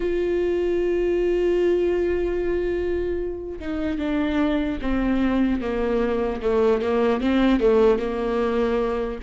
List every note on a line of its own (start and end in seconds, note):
0.00 3.59 F4
3.59 3.98 D#4
3.98 4.78 D4
4.81 5.61 C4
5.61 6.41 A#3
6.41 6.81 A3
6.81 7.20 A#3
7.20 7.60 C4
7.60 7.99 A3
7.99 9.19 A#3